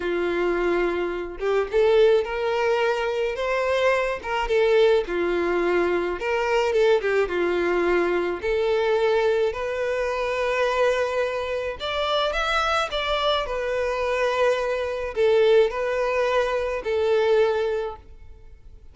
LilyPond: \new Staff \with { instrumentName = "violin" } { \time 4/4 \tempo 4 = 107 f'2~ f'8 g'8 a'4 | ais'2 c''4. ais'8 | a'4 f'2 ais'4 | a'8 g'8 f'2 a'4~ |
a'4 b'2.~ | b'4 d''4 e''4 d''4 | b'2. a'4 | b'2 a'2 | }